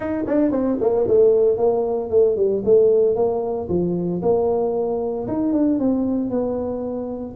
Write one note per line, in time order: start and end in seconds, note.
0.00 0.24 D#4
0.26 0.51 D4
0.51 0.77 C4
0.80 1.07 A#3
1.07 1.57 A3
1.57 2.10 A#3
2.10 2.36 A3
2.36 2.62 G3
2.65 3.15 A3
3.15 3.68 A#3
3.68 4.21 F3
4.22 5.27 A#3
5.27 5.52 D#4
5.52 5.79 D4
5.79 6.30 C4
6.30 7.35 B3